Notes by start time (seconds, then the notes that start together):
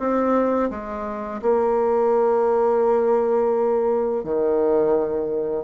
0.00 C4
0.71 G#3
1.42 A#3
4.24 D#3